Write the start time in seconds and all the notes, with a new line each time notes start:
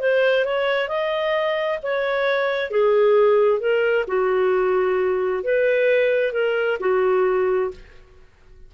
0.00 C5
0.45 C#5
0.88 D#5
1.82 C#5
2.71 G#4
3.60 A#4
4.07 F#4
5.43 B4
6.33 A#4
6.80 F#4